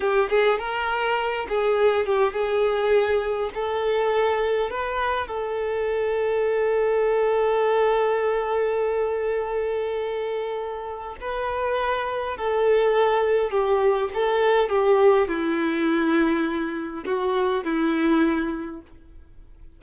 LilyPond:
\new Staff \with { instrumentName = "violin" } { \time 4/4 \tempo 4 = 102 g'8 gis'8 ais'4. gis'4 g'8 | gis'2 a'2 | b'4 a'2.~ | a'1~ |
a'2. b'4~ | b'4 a'2 g'4 | a'4 g'4 e'2~ | e'4 fis'4 e'2 | }